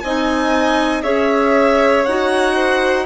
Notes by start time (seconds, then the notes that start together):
0.00 C4 D#4 D#5 G#5
1.03 C#4 G#4 C#5 E5
2.04 D#4 F#4 F#5
2.55 C5